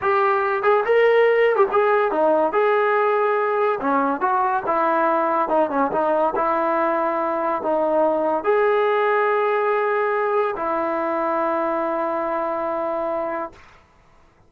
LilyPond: \new Staff \with { instrumentName = "trombone" } { \time 4/4 \tempo 4 = 142 g'4. gis'8 ais'4.~ ais'16 g'16 | gis'4 dis'4 gis'2~ | gis'4 cis'4 fis'4 e'4~ | e'4 dis'8 cis'8 dis'4 e'4~ |
e'2 dis'2 | gis'1~ | gis'4 e'2.~ | e'1 | }